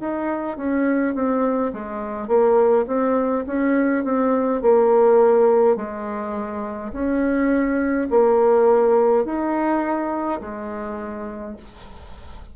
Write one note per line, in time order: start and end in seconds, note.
0.00 0.57 D#4
0.57 1.15 C#4
1.15 1.73 C4
1.73 2.28 G#3
2.28 2.85 A#3
2.87 3.45 C4
3.47 4.04 C#4
4.04 4.62 C4
4.62 5.76 A#3
5.76 6.92 G#3
6.92 8.08 C#4
8.10 9.25 A#3
9.25 10.41 D#4
10.41 11.56 G#3